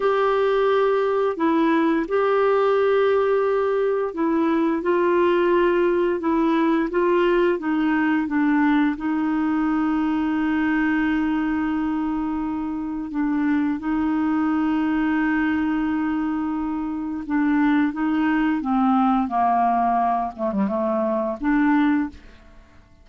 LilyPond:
\new Staff \with { instrumentName = "clarinet" } { \time 4/4 \tempo 4 = 87 g'2 e'4 g'4~ | g'2 e'4 f'4~ | f'4 e'4 f'4 dis'4 | d'4 dis'2.~ |
dis'2. d'4 | dis'1~ | dis'4 d'4 dis'4 c'4 | ais4. a16 g16 a4 d'4 | }